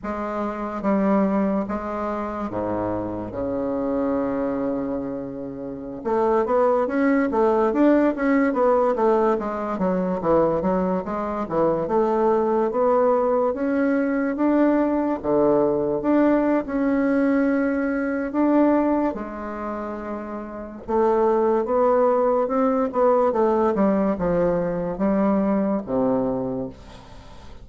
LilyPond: \new Staff \with { instrumentName = "bassoon" } { \time 4/4 \tempo 4 = 72 gis4 g4 gis4 gis,4 | cis2.~ cis16 a8 b16~ | b16 cis'8 a8 d'8 cis'8 b8 a8 gis8 fis16~ | fis16 e8 fis8 gis8 e8 a4 b8.~ |
b16 cis'4 d'4 d4 d'8. | cis'2 d'4 gis4~ | gis4 a4 b4 c'8 b8 | a8 g8 f4 g4 c4 | }